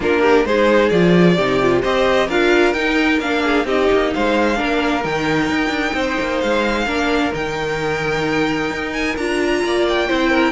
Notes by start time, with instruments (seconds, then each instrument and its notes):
0.00 cello A#3, viola D4, violin F4 A#4
0.21 violin G4
0.45 cello G#3, viola D#4, violin G#4 C5
0.89 cello F3, viola F4, violin D5
1.36 cello C3, viola D#4, violin G4
1.62 viola F4
1.82 cello C4, viola G4, violin C5 D#5
2.26 cello D4, viola F4, violin A#4 F5
2.73 cello D#4, viola D#4, violin G5
3.19 cello A#3, viola D4, violin F5
3.43 violin G#4
3.65 cello C4, viola D#4, violin G4 D#5
3.92 cello A#3
4.13 cello G#3, violin C5 F5
4.55 cello A#3, viola D4, violin A#4
5.02 cello D#3, viola D#4, violin G5
5.49 cello D#4
5.69 cello D4
5.94 cello C4, violin C5
6.20 cello A#3
6.40 cello G#3, violin F5
6.86 cello A#3, viola D4, violin A#4
7.32 cello D#3, viola D#4, violin G5
8.70 cello D#4
8.93 violin G#5
9.17 cello D4, viola F4, violin A#5
9.63 cello A#3, violin D5
9.88 violin G5
10.07 cello C4, viola E4, violin C5
10.30 violin A#4